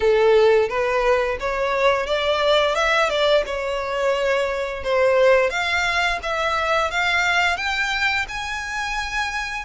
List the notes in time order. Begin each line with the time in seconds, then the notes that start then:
0.00 A4
0.68 B4
1.39 C#5
2.06 D5
2.75 E5
3.09 D5
3.45 C#5
4.83 C5
5.50 F5
6.22 E5
6.90 F5
7.56 G5
8.28 G#5